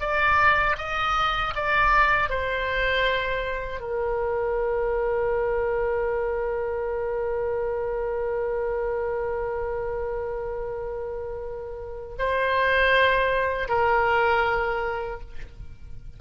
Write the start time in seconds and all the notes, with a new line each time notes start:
0.00 D5
0.77 D#5
1.55 D5
2.29 C5
3.80 A#4
12.18 C5
13.68 A#4